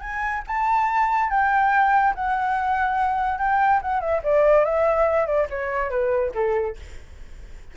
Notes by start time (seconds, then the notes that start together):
0.00 G#5
0.47 A5
1.30 G5
2.14 F#5
3.38 G5
3.82 F#5
4.00 E5
4.23 D5
4.64 E5
5.26 D5
5.49 C#5
5.90 B4
6.34 A4